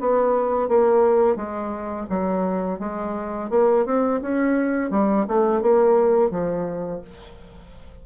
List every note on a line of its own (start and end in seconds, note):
0.00 0.68 B3
0.68 1.36 A#3
1.36 2.06 G#3
2.09 2.79 F#3
2.79 3.50 G#3
3.50 3.85 A#3
3.85 4.21 C4
4.21 4.90 C#4
4.90 5.26 G3
5.27 5.61 A3
5.61 6.30 A#3
6.30 7.01 F3